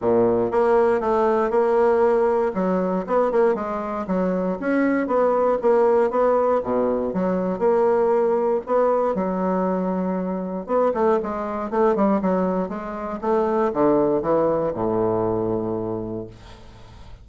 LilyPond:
\new Staff \with { instrumentName = "bassoon" } { \time 4/4 \tempo 4 = 118 ais,4 ais4 a4 ais4~ | ais4 fis4 b8 ais8 gis4 | fis4 cis'4 b4 ais4 | b4 b,4 fis4 ais4~ |
ais4 b4 fis2~ | fis4 b8 a8 gis4 a8 g8 | fis4 gis4 a4 d4 | e4 a,2. | }